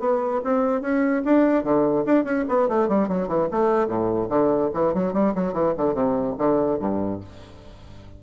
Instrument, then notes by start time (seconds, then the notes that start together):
bassoon
0.00 B3
0.44 C4
0.81 C#4
1.25 D4
1.64 D3
2.06 D4
2.25 C#4
2.49 B3
2.69 A3
2.88 G3
3.09 F#3
3.28 E3
3.52 A3
3.88 A2
4.30 D3
4.74 E3
4.94 F#3
5.14 G3
5.35 F#3
5.53 E3
5.78 D3
5.94 C3
6.38 D3
6.79 G2